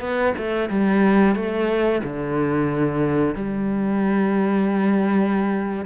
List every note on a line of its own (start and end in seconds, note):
0.00 0.33 B3
0.37 0.69 A3
0.69 1.35 G3
1.35 2.02 A3
2.03 3.35 D3
3.35 5.85 G3